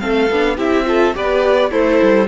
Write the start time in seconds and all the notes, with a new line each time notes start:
0.00 A3 C4 A4 F5
0.31 B3 D4
0.57 C4 E4 G4 E5
0.86 F4 A4
1.14 B3 G4 B4 D5
1.71 A3 E4 A4 C5
2.03 G3